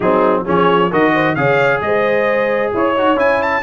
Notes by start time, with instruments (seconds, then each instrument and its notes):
0.00 tuba F#3, trombone C4, horn D#4, trumpet G#4
0.45 tuba F3, trombone C#4, horn G#4, trumpet C#5
0.90 tuba D#3, trombone F#4, horn A#4, trumpet D#5
1.14 horn C5
1.35 tuba C#3, trombone G#4, horn C#5, trumpet F5
1.81 tuba G#3, horn C5, trumpet D#5
2.72 tuba E4, horn C#5, trumpet C#5
2.94 tuba D#4, trombone F#4
3.16 tuba C#4, trombone E4, trumpet G#5
3.42 trumpet A5